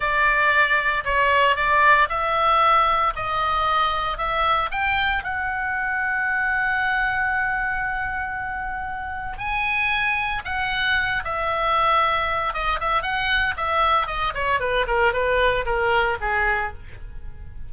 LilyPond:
\new Staff \with { instrumentName = "oboe" } { \time 4/4 \tempo 4 = 115 d''2 cis''4 d''4 | e''2 dis''2 | e''4 g''4 fis''2~ | fis''1~ |
fis''2 gis''2 | fis''4. e''2~ e''8 | dis''8 e''8 fis''4 e''4 dis''8 cis''8 | b'8 ais'8 b'4 ais'4 gis'4 | }